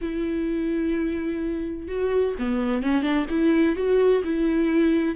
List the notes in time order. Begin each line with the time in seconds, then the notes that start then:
0.01 E4
1.88 F#4
2.38 B3
2.83 C#4
3.02 D4
3.29 E4
3.76 F#4
4.24 E4